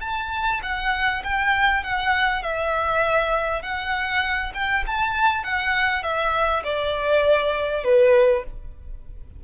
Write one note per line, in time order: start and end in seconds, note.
0.00 0.60 A5
0.62 1.22 F#5
1.23 1.83 G5
1.83 2.42 F#5
2.42 3.62 E5
3.62 4.52 F#5
4.54 4.84 G5
4.86 5.43 A5
5.43 6.03 F#5
6.03 6.63 E5
6.63 7.83 D5
7.83 8.43 B4